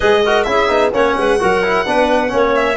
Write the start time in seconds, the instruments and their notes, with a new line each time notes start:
0.00 tuba G#3, trombone G#4, clarinet B4, violin D#5
0.24 trombone F#4, clarinet A#4
0.43 tuba C#4, trombone E4, clarinet G#4, violin E5
0.68 tuba B3, trombone D#4
0.93 tuba A#3, trombone C#4, clarinet C#5, violin F#5
1.17 tuba G#3, clarinet B4
1.39 tuba F#3, trombone F#4, clarinet A#4
1.63 trombone E4
1.85 tuba B3, trombone D4, clarinet B4
2.28 tuba A#3, trombone C#4, clarinet C#5
2.55 violin E5